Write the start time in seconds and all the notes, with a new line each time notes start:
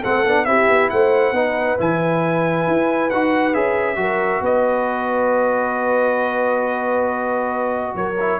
0.00 A3 C4 A4 F#5
0.25 B3 D4
0.45 C4 E4 G4 E5
0.68 B3
0.90 A3 C5 F#5
1.32 B3 D#4 B4
1.78 E3 E4 G#5
2.67 E4
3.10 D#4 F#4 F#5
3.54 C#4 G#4 E5
3.96 F#3 F#4 A#4
4.41 B3 B4 D#5
7.95 F#3 A#4 C#5
8.20 E4